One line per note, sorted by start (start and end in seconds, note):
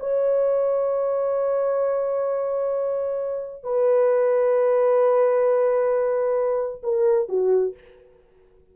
0.00 3.63 C#5
3.63 6.82 B4
6.83 7.29 A#4
7.29 7.74 F#4